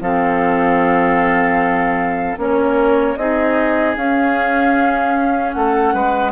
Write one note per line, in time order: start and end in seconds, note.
0.00 2.37 F3
0.00 2.38 C4
0.00 2.40 A4
0.00 2.38 F5
2.37 3.16 A#3
2.37 3.17 C#4
2.37 3.18 A#4
2.37 3.16 C#5
3.16 3.96 C4
3.16 3.97 D#4
3.16 5.55 G#4
3.16 3.95 D#5
3.96 5.54 C#4
3.96 6.32 C#4
3.96 5.52 F5
5.52 5.94 A3
5.52 5.94 A4
5.52 6.31 F#5
5.94 6.32 G#3
5.94 6.32 B4